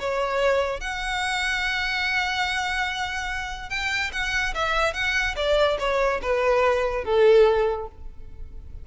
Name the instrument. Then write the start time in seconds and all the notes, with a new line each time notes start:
violin
0.00 C#5
0.81 F#5
3.70 G5
4.13 F#5
4.55 E5
4.94 F#5
5.36 D5
5.79 C#5
6.22 B4
7.05 A4